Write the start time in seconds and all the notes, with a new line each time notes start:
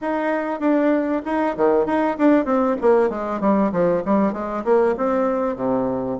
0.01 D#4
0.60 D4
1.25 D#4
1.56 D#3
1.86 D#4
2.18 D4
2.45 C4
2.81 A#3
3.09 G#3
3.40 G3
3.72 F3
4.05 G3
4.32 G#3
4.64 A#3
4.97 C4
5.56 C3